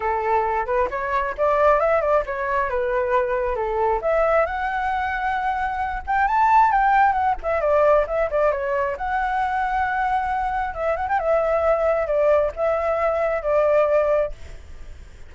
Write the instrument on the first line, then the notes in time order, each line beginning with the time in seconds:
flute
0.00 A4
0.66 B4
0.90 C#5
1.37 D5
1.80 E5
2.01 D5
2.26 C#5
2.69 B4
3.55 A4
4.01 E5
4.46 F#5
6.06 G5
6.27 A5
6.71 G5
7.12 F#5
7.42 E5
7.60 D5
8.07 E5
8.30 D5
8.51 C#5
8.97 F#5
10.74 E5
10.96 F#5
11.08 G5
11.19 E5
12.07 D5
12.56 E5
13.42 D5